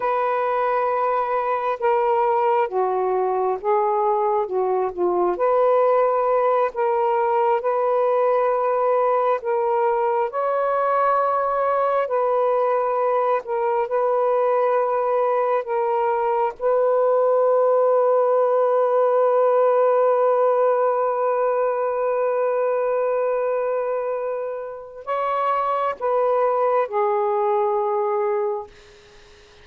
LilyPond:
\new Staff \with { instrumentName = "saxophone" } { \time 4/4 \tempo 4 = 67 b'2 ais'4 fis'4 | gis'4 fis'8 f'8 b'4. ais'8~ | ais'8 b'2 ais'4 cis''8~ | cis''4. b'4. ais'8 b'8~ |
b'4. ais'4 b'4.~ | b'1~ | b'1 | cis''4 b'4 gis'2 | }